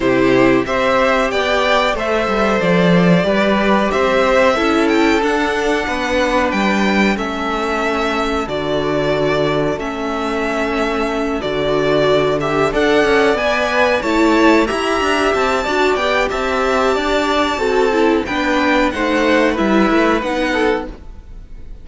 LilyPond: <<
  \new Staff \with { instrumentName = "violin" } { \time 4/4 \tempo 4 = 92 c''4 e''4 g''4 e''4 | d''2 e''4. g''8 | fis''2 g''4 e''4~ | e''4 d''2 e''4~ |
e''4. d''4. e''8 fis''8~ | fis''8 gis''4 a''4 ais''4 a''8~ | a''8 g''8 a''2. | g''4 fis''4 e''4 fis''4 | }
  \new Staff \with { instrumentName = "violin" } { \time 4/4 g'4 c''4 d''4 c''4~ | c''4 b'4 c''4 a'4~ | a'4 b'2 a'4~ | a'1~ |
a'2.~ a'8 d''8~ | d''4. cis''4 e''4. | d''4 e''4 d''4 a'4 | b'4 c''4 b'4. a'8 | }
  \new Staff \with { instrumentName = "viola" } { \time 4/4 e'4 g'2 a'4~ | a'4 g'2 e'4 | d'2. cis'4~ | cis'4 fis'2 cis'4~ |
cis'4. fis'4. g'8 a'8~ | a'8 b'4 e'4 g'4. | fis'8 g'2~ g'8 fis'8 e'8 | d'4 dis'4 e'4 dis'4 | }
  \new Staff \with { instrumentName = "cello" } { \time 4/4 c4 c'4 b4 a8 g8 | f4 g4 c'4 cis'4 | d'4 b4 g4 a4~ | a4 d2 a4~ |
a4. d2 d'8 | cis'8 b4 a4 e'8 d'8 c'8 | d'8 b8 c'4 d'4 c'4 | b4 a4 g8 a8 b4 | }
>>